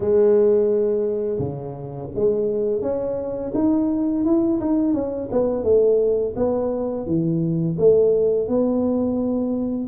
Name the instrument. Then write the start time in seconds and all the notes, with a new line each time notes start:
tuba
0.00 G#3
1.38 C#3
2.14 G#3
2.81 C#4
3.54 D#4
4.24 E4
4.60 D#4
4.93 C#4
5.31 B3
5.63 A3
6.36 B3
7.06 E3
7.78 A3
8.48 B3